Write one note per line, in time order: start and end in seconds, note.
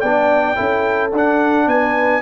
0.00 0.58 B3
0.00 0.56 D4
0.00 0.56 D5
0.00 1.10 G5
0.56 1.13 C#4
0.56 1.11 E4
0.56 1.66 A4
1.13 1.67 D4
1.13 2.22 D4
1.13 1.68 F#5
1.67 2.22 B3
1.67 2.22 B4
1.67 2.22 G#5